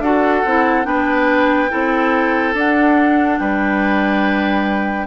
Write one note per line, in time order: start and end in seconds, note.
0.00 0.42 D4
0.00 0.46 F#4
0.00 0.87 A4
0.00 0.86 F#5
0.46 0.86 C4
0.46 0.85 E4
0.85 1.71 B3
0.85 1.69 D4
0.85 1.71 B4
0.85 2.55 G5
1.70 2.54 C4
1.70 2.55 E4
1.70 3.40 A4
2.54 3.39 D4
2.54 5.07 D4
2.54 3.39 F#5
3.39 5.07 G3
3.39 5.07 B4
3.39 5.07 G5